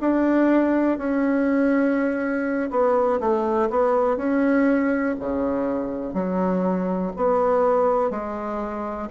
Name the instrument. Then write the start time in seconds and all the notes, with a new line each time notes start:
bassoon
0.00 D4
0.98 C#4
2.70 B3
3.20 A3
3.70 B3
4.17 C#4
5.20 C#3
6.13 F#3
7.16 B3
8.11 G#3